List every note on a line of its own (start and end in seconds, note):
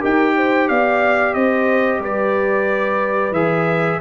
0.00 0.70 D#4
0.00 3.33 G4
0.00 0.34 A#4
0.00 0.68 G5
0.36 0.69 C5
0.68 1.35 B3
0.68 1.36 D5
0.68 1.34 F5
1.34 1.99 C4
1.34 2.00 C5
1.34 2.00 D#5
1.99 3.31 G3
1.99 4.00 B4
1.99 3.33 D5
3.31 3.98 E3
3.31 4.00 G#4
3.31 4.00 E5